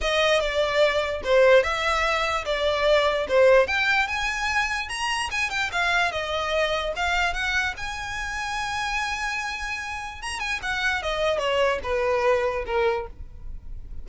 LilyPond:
\new Staff \with { instrumentName = "violin" } { \time 4/4 \tempo 4 = 147 dis''4 d''2 c''4 | e''2 d''2 | c''4 g''4 gis''2 | ais''4 gis''8 g''8 f''4 dis''4~ |
dis''4 f''4 fis''4 gis''4~ | gis''1~ | gis''4 ais''8 gis''8 fis''4 dis''4 | cis''4 b'2 ais'4 | }